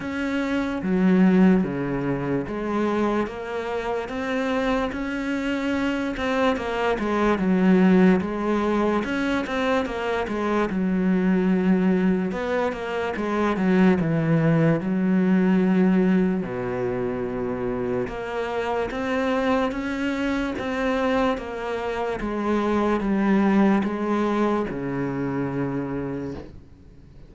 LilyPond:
\new Staff \with { instrumentName = "cello" } { \time 4/4 \tempo 4 = 73 cis'4 fis4 cis4 gis4 | ais4 c'4 cis'4. c'8 | ais8 gis8 fis4 gis4 cis'8 c'8 | ais8 gis8 fis2 b8 ais8 |
gis8 fis8 e4 fis2 | b,2 ais4 c'4 | cis'4 c'4 ais4 gis4 | g4 gis4 cis2 | }